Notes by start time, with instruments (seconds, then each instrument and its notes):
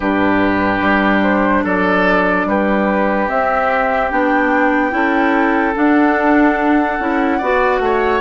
0.00 bassoon G2, clarinet D4, oboe G4, flute B4
0.81 bassoon G3
1.22 flute C5
1.64 bassoon F#3, oboe A4, flute D5
2.45 bassoon G3, oboe G4, flute B4
3.28 clarinet C4, bassoon C4, flute E5
4.11 bassoon B3, clarinet D4, flute G5
4.90 bassoon C#4, clarinet E4, oboe A4
5.75 clarinet D4, bassoon D4, flute F#5
6.99 bassoon C#4, clarinet E4
7.37 bassoon B3, clarinet F#4, oboe D5
7.79 bassoon A3, oboe C#5